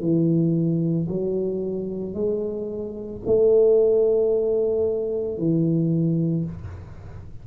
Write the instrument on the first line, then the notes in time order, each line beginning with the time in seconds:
tuba
0.00 E3
1.09 F#3
2.14 G#3
3.26 A3
5.38 E3